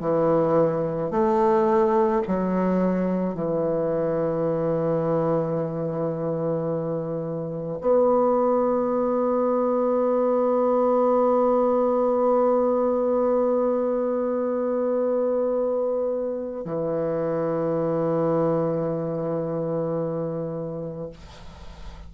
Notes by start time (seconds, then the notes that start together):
0.00 E3
1.11 A3
2.27 F#3
3.34 E3
7.81 B3
16.65 E3